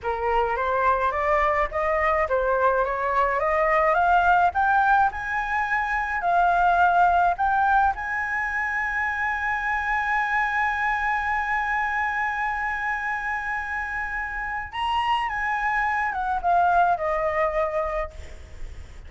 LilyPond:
\new Staff \with { instrumentName = "flute" } { \time 4/4 \tempo 4 = 106 ais'4 c''4 d''4 dis''4 | c''4 cis''4 dis''4 f''4 | g''4 gis''2 f''4~ | f''4 g''4 gis''2~ |
gis''1~ | gis''1~ | gis''2 ais''4 gis''4~ | gis''8 fis''8 f''4 dis''2 | }